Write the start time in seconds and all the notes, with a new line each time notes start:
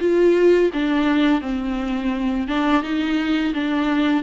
0.00 F4
0.73 D4
1.41 C4
2.47 D4
2.83 D#4
3.54 D4